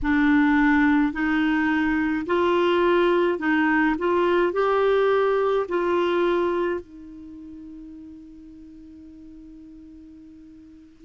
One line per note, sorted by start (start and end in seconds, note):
0.02 1.12 D4
1.12 2.25 D#4
2.26 3.39 F4
3.39 3.95 D#4
3.98 4.53 F4
4.53 5.66 G4
5.68 6.80 F4
6.80 11.05 D#4